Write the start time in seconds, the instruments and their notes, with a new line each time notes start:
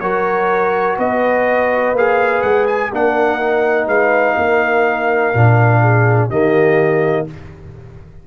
0.00 tuba F#3, trombone F#4, horn A#4, trumpet C#5
0.97 tuba B3, horn B4, trumpet D#5
1.93 tuba A#3, trombone G#4, trumpet F5
2.41 tuba G#3, trumpet F#5
2.67 trumpet G#5
2.92 tuba A#3, trombone D4, horn A#4, trumpet F#5
3.40 trombone D#4
3.86 tuba G#3, horn B4, trumpet F5
4.36 tuba A#3, horn A#4
5.34 tuba A#2, trombone D4
5.81 horn G#4
6.28 tuba D#3, trombone A#3, horn G4, trumpet D#5